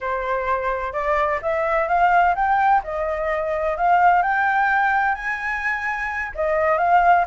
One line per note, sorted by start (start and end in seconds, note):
0.01 0.93 C5
0.93 1.39 D5
1.42 1.88 E5
1.88 2.35 F5
2.35 2.81 G5
2.83 3.77 D#5
3.77 4.22 F5
4.22 5.14 G5
5.14 6.32 G#5
6.34 6.78 D#5
6.78 7.25 F5